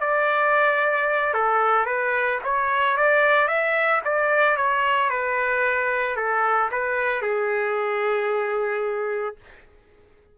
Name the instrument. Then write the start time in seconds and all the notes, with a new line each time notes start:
trumpet
0.00 D5
1.34 A4
1.86 B4
2.44 C#5
2.97 D5
3.48 E5
4.04 D5
4.57 C#5
5.10 B4
6.16 A4
6.71 B4
7.22 G#4